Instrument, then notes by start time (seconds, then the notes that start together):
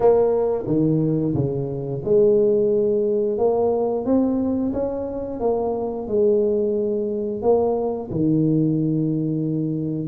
tuba
0.00 A#3
0.66 D#3
1.34 C#3
2.04 G#3
3.37 A#3
4.05 C4
4.73 C#4
5.40 A#3
6.07 G#3
7.42 A#3
8.11 D#3